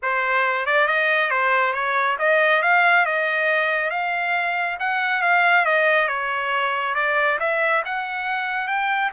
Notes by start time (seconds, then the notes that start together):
0.02 C5
0.65 D5
0.87 D#5
1.30 C5
1.73 C#5
2.19 D#5
2.62 F5
3.05 D#5
3.90 F5
4.79 F#5
5.22 F5
5.65 D#5
6.08 C#5
6.94 D5
7.39 E5
7.85 F#5
8.67 G5